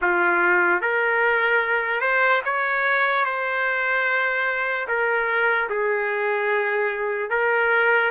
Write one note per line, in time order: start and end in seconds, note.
0.01 0.81 F4
0.81 2.00 A#4
2.00 2.41 C5
2.44 3.25 C#5
3.25 4.87 C5
4.88 5.69 A#4
5.69 7.30 G#4
7.30 8.11 A#4